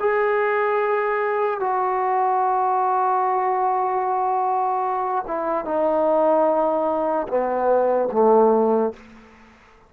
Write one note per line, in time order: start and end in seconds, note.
0.00 1.60 G#4
1.60 5.25 F#4
5.27 5.65 E4
5.65 7.27 D#4
7.28 8.09 B3
8.12 8.93 A3